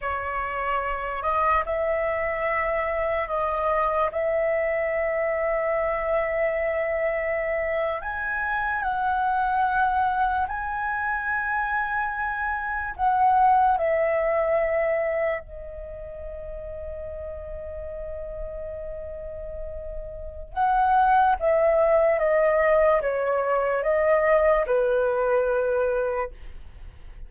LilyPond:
\new Staff \with { instrumentName = "flute" } { \time 4/4 \tempo 4 = 73 cis''4. dis''8 e''2 | dis''4 e''2.~ | e''4.~ e''16 gis''4 fis''4~ fis''16~ | fis''8. gis''2. fis''16~ |
fis''8. e''2 dis''4~ dis''16~ | dis''1~ | dis''4 fis''4 e''4 dis''4 | cis''4 dis''4 b'2 | }